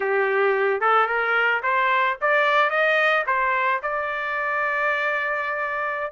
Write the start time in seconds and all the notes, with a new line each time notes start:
0.00 G4
0.80 A4
1.06 A#4
1.62 C5
2.21 D5
2.70 D#5
3.26 C5
3.82 D5